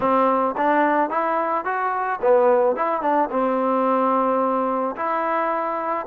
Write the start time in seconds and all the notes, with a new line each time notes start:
0.00 C4
0.57 D4
1.09 E4
1.64 F#4
2.21 B3
2.76 E4
3.01 D4
3.30 C4
4.95 E4